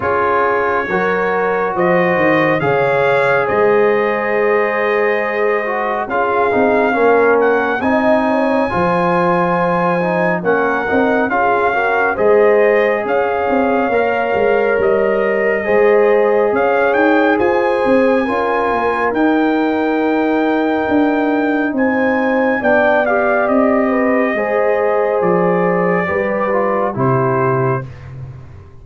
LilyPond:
<<
  \new Staff \with { instrumentName = "trumpet" } { \time 4/4 \tempo 4 = 69 cis''2 dis''4 f''4 | dis''2. f''4~ | f''8 fis''8 gis''2. | fis''4 f''4 dis''4 f''4~ |
f''4 dis''2 f''8 g''8 | gis''2 g''2~ | g''4 gis''4 g''8 f''8 dis''4~ | dis''4 d''2 c''4 | }
  \new Staff \with { instrumentName = "horn" } { \time 4/4 gis'4 ais'4 c''4 cis''4 | c''2. gis'4 | ais'4 dis''8 cis''8 c''2 | ais'4 gis'8 ais'8 c''4 cis''4~ |
cis''2 c''4 cis''4 | c''4 ais'2.~ | ais'4 c''4 d''4. b'8 | c''2 b'4 g'4 | }
  \new Staff \with { instrumentName = "trombone" } { \time 4/4 f'4 fis'2 gis'4~ | gis'2~ gis'8 fis'8 f'8 dis'8 | cis'4 dis'4 f'4. dis'8 | cis'8 dis'8 f'8 fis'8 gis'2 |
ais'2 gis'2~ | gis'4 f'4 dis'2~ | dis'2 d'8 g'4. | gis'2 g'8 f'8 e'4 | }
  \new Staff \with { instrumentName = "tuba" } { \time 4/4 cis'4 fis4 f8 dis8 cis4 | gis2. cis'8 c'8 | ais4 c'4 f2 | ais8 c'8 cis'4 gis4 cis'8 c'8 |
ais8 gis8 g4 gis4 cis'8 dis'8 | f'8 c'8 cis'8 ais8 dis'2 | d'4 c'4 b4 c'4 | gis4 f4 g4 c4 | }
>>